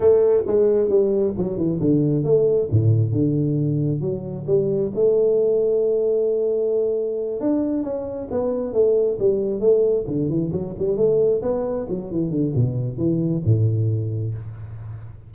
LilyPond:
\new Staff \with { instrumentName = "tuba" } { \time 4/4 \tempo 4 = 134 a4 gis4 g4 fis8 e8 | d4 a4 a,4 d4~ | d4 fis4 g4 a4~ | a1~ |
a8 d'4 cis'4 b4 a8~ | a8 g4 a4 d8 e8 fis8 | g8 a4 b4 fis8 e8 d8 | b,4 e4 a,2 | }